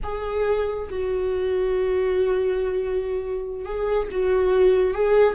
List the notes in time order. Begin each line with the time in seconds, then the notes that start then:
0.03 G#4
0.89 F#4
3.65 G#4
4.11 F#4
4.94 G#4